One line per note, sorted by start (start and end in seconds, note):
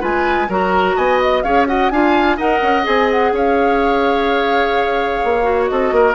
0.00 0.49 G#3
0.00 0.47 F4
0.00 0.47 B4
0.00 0.50 G#5
0.49 0.96 F#3
0.49 1.44 F#4
0.49 0.96 A#4
0.49 0.97 A#5
0.96 1.43 B3
0.96 1.43 D#5
0.96 1.20 G#5
1.22 1.42 D#5
1.42 1.91 C#4
1.42 1.67 G#4
1.42 1.67 C#5
1.42 1.66 F5
1.67 1.90 F#4
1.67 1.92 D#5
1.67 1.90 F#5
1.90 2.38 D4
1.90 2.38 F4
1.90 2.37 F5
1.90 2.37 G#5
2.37 2.61 D#4
2.37 2.83 A#4
2.37 3.31 D#5
2.37 2.86 F#5
2.62 2.86 C#4
2.83 3.32 C4
2.83 5.42 G#4
2.83 3.10 G#5
3.11 3.35 F#5
3.32 5.21 C#4
3.32 5.71 C#5
3.32 5.67 F5
5.24 5.71 A#3
5.42 6.13 F#4
5.67 5.91 C4
5.67 5.94 A4
5.67 6.14 D#5
5.91 6.15 A#3
5.91 6.15 A#4